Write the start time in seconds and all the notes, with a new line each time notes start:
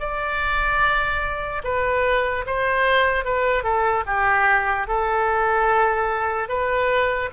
0.00 D5
1.64 B4
2.47 C5
3.25 B4
3.64 A4
4.07 G4
4.88 A4
6.49 B4